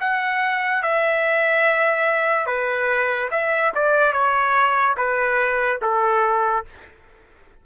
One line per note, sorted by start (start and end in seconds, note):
0.00 0.83 F#5
0.83 2.46 E5
2.46 3.30 B4
3.31 3.72 E5
3.75 4.12 D5
4.12 4.96 C#5
4.97 5.80 B4
5.82 6.65 A4